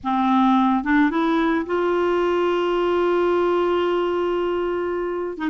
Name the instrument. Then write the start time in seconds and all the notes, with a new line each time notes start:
clarinet
0.03 C4
0.84 D4
1.10 E4
1.66 F4
5.37 D#4